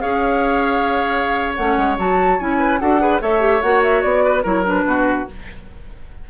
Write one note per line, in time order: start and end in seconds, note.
0.00 1.58 C#4
0.00 1.55 G#4
0.00 2.58 C#5
0.00 1.54 F5
1.55 1.77 A3
1.55 1.98 C#4
1.55 1.96 F#5
1.77 1.97 G#3
1.98 2.39 F#3
1.98 2.39 F#4
1.98 2.40 A5
2.39 2.81 C#4
2.39 2.80 E4
2.39 2.79 G#5
2.59 2.79 B4
2.79 3.21 D4
2.79 2.99 F#4
2.79 3.01 A4
2.79 3.20 F#5
2.99 3.20 G#4
2.99 3.21 B4
3.21 3.62 A3
3.21 3.40 A4
3.21 4.24 C#5
3.21 3.62 E5
3.40 3.60 G4
3.62 4.04 A#3
3.62 4.43 F#4
3.62 3.82 F#5
3.83 4.02 E5
4.02 4.45 B3
4.02 4.43 D5
4.24 4.42 B4
4.42 4.85 F#3
4.42 4.63 E4
4.42 4.84 A#4
4.42 4.66 C#5
4.65 5.27 D4
4.65 5.30 B4
4.85 5.26 B2
4.85 5.29 F#4